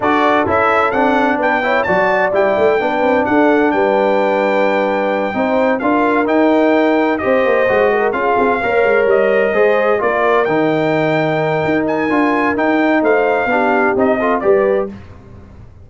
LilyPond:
<<
  \new Staff \with { instrumentName = "trumpet" } { \time 4/4 \tempo 4 = 129 d''4 e''4 fis''4 g''4 | a''4 g''2 fis''4 | g''1~ | g''8 f''4 g''2 dis''8~ |
dis''4. f''2 dis''8~ | dis''4. d''4 g''4.~ | g''4. gis''4. g''4 | f''2 dis''4 d''4 | }
  \new Staff \with { instrumentName = "horn" } { \time 4/4 a'2. b'8 cis''8 | d''2 b'4 a'4 | b'2.~ b'8 c''8~ | c''8 ais'2. c''8~ |
c''4 ais'8 gis'4 cis''4.~ | cis''8 c''4 ais'2~ ais'8~ | ais'1 | c''4 g'4. a'8 b'4 | }
  \new Staff \with { instrumentName = "trombone" } { \time 4/4 fis'4 e'4 d'4. e'8 | fis'4 e'4 d'2~ | d'2.~ d'8 dis'8~ | dis'8 f'4 dis'2 g'8~ |
g'8 fis'4 f'4 ais'4.~ | ais'8 gis'4 f'4 dis'4.~ | dis'2 f'4 dis'4~ | dis'4 d'4 dis'8 f'8 g'4 | }
  \new Staff \with { instrumentName = "tuba" } { \time 4/4 d'4 cis'4 c'4 b4 | fis4 g8 a8 b8 c'8 d'4 | g2.~ g8 c'8~ | c'8 d'4 dis'2 c'8 |
ais8 gis4 cis'8 c'8 ais8 gis8 g8~ | g8 gis4 ais4 dis4.~ | dis4 dis'4 d'4 dis'4 | a4 b4 c'4 g4 | }
>>